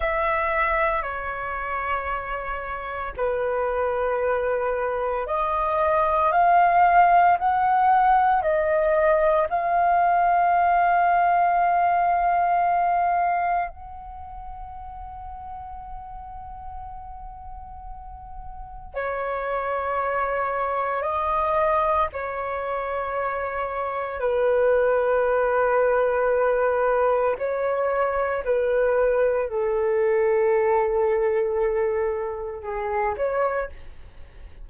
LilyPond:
\new Staff \with { instrumentName = "flute" } { \time 4/4 \tempo 4 = 57 e''4 cis''2 b'4~ | b'4 dis''4 f''4 fis''4 | dis''4 f''2.~ | f''4 fis''2.~ |
fis''2 cis''2 | dis''4 cis''2 b'4~ | b'2 cis''4 b'4 | a'2. gis'8 cis''8 | }